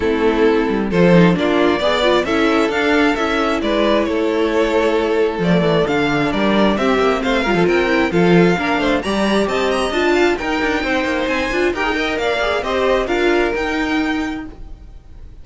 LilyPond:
<<
  \new Staff \with { instrumentName = "violin" } { \time 4/4 \tempo 4 = 133 a'2 c''4 d''4~ | d''4 e''4 f''4 e''4 | d''4 cis''2. | d''4 f''4 d''4 e''4 |
f''4 g''4 f''2 | ais''4 a''8 ais''8 a''4 g''4~ | g''4 gis''4 g''4 f''4 | dis''4 f''4 g''2 | }
  \new Staff \with { instrumentName = "violin" } { \time 4/4 e'2 a'4 f'4 | d''4 a'2. | b'4 a'2.~ | a'2 ais'4 g'4 |
c''8 ais'16 a'16 ais'4 a'4 ais'8 c''8 | d''4 dis''4. f''8 ais'4 | c''2 ais'8 dis''8 d''4 | c''4 ais'2. | }
  \new Staff \with { instrumentName = "viola" } { \time 4/4 c'2 f'8 dis'8 d'4 | gis'8 f'8 e'4 d'4 e'4~ | e'1 | a4 d'2 c'4~ |
c'8 f'4 e'8 f'4 d'4 | g'2 f'4 dis'4~ | dis'4. f'8 g'16 gis'16 ais'4 gis'8 | g'4 f'4 dis'2 | }
  \new Staff \with { instrumentName = "cello" } { \time 4/4 a4. g8 f4 ais4 | b4 cis'4 d'4 cis'4 | gis4 a2. | f8 e8 d4 g4 c'8 ais8 |
a8 g16 f16 c'4 f4 ais8 a8 | g4 c'4 d'4 dis'8 d'8 | c'8 ais8 c'8 d'8 dis'4 ais4 | c'4 d'4 dis'2 | }
>>